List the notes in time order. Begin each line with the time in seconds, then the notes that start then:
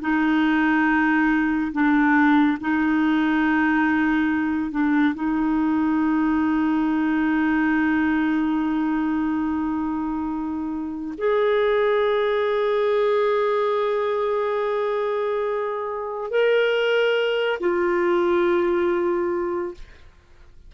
0.00 D#4
1.72 D4
2.60 D#4
4.71 D4
5.14 D#4
11.17 G#4
16.30 A#4
17.59 F4